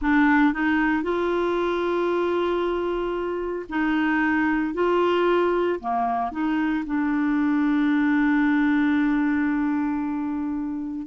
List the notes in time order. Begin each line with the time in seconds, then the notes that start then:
0.01 D4
0.53 D#4
1.02 F4
3.69 D#4
4.74 F4
5.80 A#3
6.31 D#4
6.85 D4